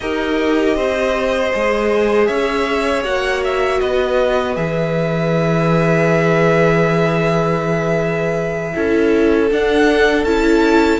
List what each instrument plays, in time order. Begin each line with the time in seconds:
0.00 cello D#4, viola G4, violin A#4 D#5
0.76 cello C4, violin C5
1.52 cello G#3, viola G#4
2.26 cello C#4, violin C#5 E5
3.03 cello A#3, viola F#4, violin F#5
3.44 violin E5
3.80 cello B3, violin B4 D#5
4.55 cello E3, viola G#4, violin E5
8.73 cello C#4, viola E4, violin A4
9.50 cello D4, viola D4, violin F#5
10.23 cello C#4, viola E4, violin A5